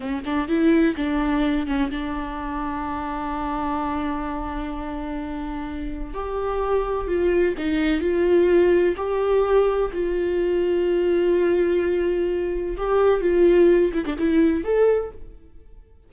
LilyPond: \new Staff \with { instrumentName = "viola" } { \time 4/4 \tempo 4 = 127 cis'8 d'8 e'4 d'4. cis'8 | d'1~ | d'1~ | d'4 g'2 f'4 |
dis'4 f'2 g'4~ | g'4 f'2.~ | f'2. g'4 | f'4. e'16 d'16 e'4 a'4 | }